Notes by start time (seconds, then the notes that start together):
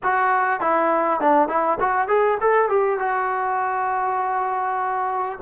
0.03 F#4
0.60 E4
1.20 D4
1.48 E4
1.79 F#4
2.08 G#4
2.40 A4
2.68 G4
2.98 F#4